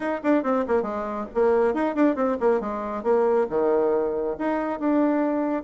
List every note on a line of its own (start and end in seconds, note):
0.00 0.20 D#4
0.23 0.43 D4
0.43 0.65 C4
0.67 0.82 A#3
0.82 1.25 G#3
1.34 1.74 A#3
1.74 1.95 D#4
1.95 2.15 D4
2.15 2.37 C4
2.40 2.60 A#3
2.60 3.03 G#3
3.03 3.46 A#3
3.49 4.36 D#3
4.38 4.79 D#4
4.79 5.63 D4